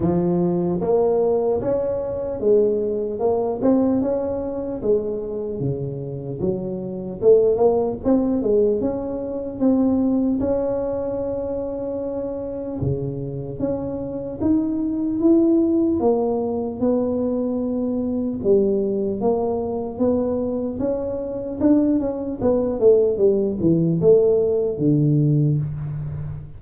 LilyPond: \new Staff \with { instrumentName = "tuba" } { \time 4/4 \tempo 4 = 75 f4 ais4 cis'4 gis4 | ais8 c'8 cis'4 gis4 cis4 | fis4 a8 ais8 c'8 gis8 cis'4 | c'4 cis'2. |
cis4 cis'4 dis'4 e'4 | ais4 b2 g4 | ais4 b4 cis'4 d'8 cis'8 | b8 a8 g8 e8 a4 d4 | }